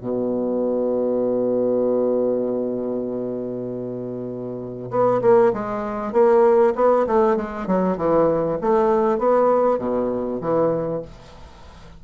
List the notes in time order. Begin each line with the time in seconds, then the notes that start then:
0.00 B2
4.90 B3
5.22 A#3
5.53 G#3
6.12 A#3
6.75 B3
7.07 A3
7.36 G#3
7.67 F#3
7.97 E3
8.61 A3
9.18 B3
9.78 B2
10.41 E3